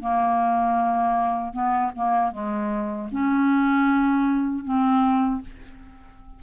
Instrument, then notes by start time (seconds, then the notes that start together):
clarinet
0.00 A#3
1.52 B3
1.95 A#3
2.31 G#3
3.11 C#4
4.64 C4